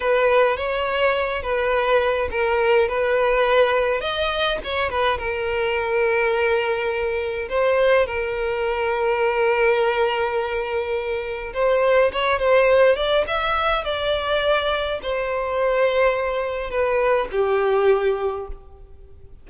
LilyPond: \new Staff \with { instrumentName = "violin" } { \time 4/4 \tempo 4 = 104 b'4 cis''4. b'4. | ais'4 b'2 dis''4 | cis''8 b'8 ais'2.~ | ais'4 c''4 ais'2~ |
ais'1 | c''4 cis''8 c''4 d''8 e''4 | d''2 c''2~ | c''4 b'4 g'2 | }